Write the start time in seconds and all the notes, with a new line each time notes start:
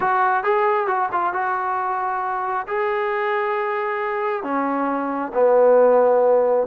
0.00 F#4
0.43 G#4
0.87 F#4
1.12 F4
1.33 F#4
2.67 G#4
4.43 C#4
5.34 B3